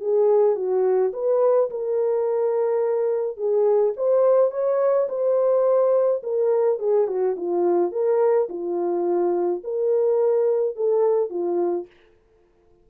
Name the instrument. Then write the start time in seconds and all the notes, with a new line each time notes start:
horn
0.00 G#4
0.56 F#4
1.13 B4
1.70 A#4
3.37 G#4
3.96 C5
4.51 C#5
5.09 C5
6.23 A#4
6.79 G#4
7.08 F#4
7.37 F4
7.92 A#4
8.49 F4
9.64 A#4
10.75 A4
11.30 F4